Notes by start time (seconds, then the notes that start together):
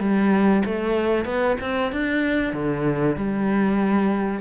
0.00 G3
0.65 A3
1.25 B3
1.61 C4
1.92 D4
2.53 D3
3.16 G3